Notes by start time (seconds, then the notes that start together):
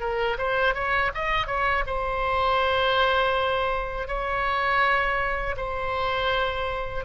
0.00 A#4
0.37 C5
0.74 C#5
1.14 D#5
1.46 C#5
1.86 C5
4.07 C#5
5.57 C5